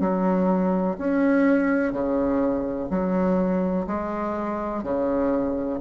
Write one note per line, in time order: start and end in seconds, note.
0.00 0.97 F#3
0.98 1.93 C#4
1.93 2.89 C#3
2.90 3.87 F#3
3.87 4.83 G#3
4.83 5.80 C#3